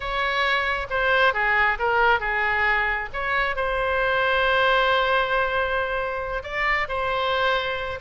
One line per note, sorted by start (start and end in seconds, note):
0.00 0.87 C#5
0.90 1.33 C5
1.33 1.78 G#4
1.78 2.20 A#4
2.20 3.09 G#4
3.13 3.56 C#5
3.56 6.43 C5
6.43 6.87 D5
6.88 7.99 C5